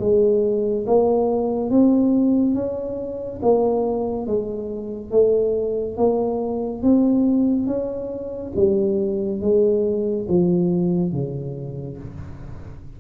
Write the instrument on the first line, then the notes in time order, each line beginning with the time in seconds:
tuba
0.00 G#3
0.86 A#3
1.70 C4
2.55 C#4
3.42 A#3
4.27 G#3
5.11 A3
5.97 A#3
6.83 C4
7.67 C#4
8.56 G3
9.41 G#3
10.29 F3
11.12 C#3